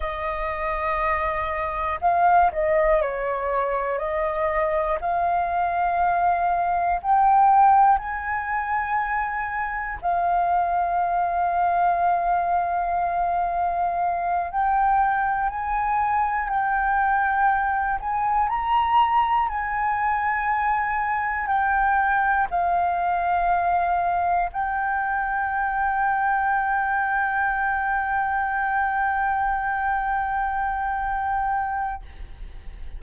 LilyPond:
\new Staff \with { instrumentName = "flute" } { \time 4/4 \tempo 4 = 60 dis''2 f''8 dis''8 cis''4 | dis''4 f''2 g''4 | gis''2 f''2~ | f''2~ f''8 g''4 gis''8~ |
gis''8 g''4. gis''8 ais''4 gis''8~ | gis''4. g''4 f''4.~ | f''8 g''2.~ g''8~ | g''1 | }